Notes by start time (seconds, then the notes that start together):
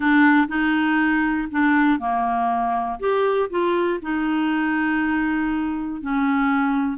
0.00 D4
0.48 D#4
1.51 D4
1.99 A#3
2.99 G4
3.50 F4
4.02 D#4
6.01 C#4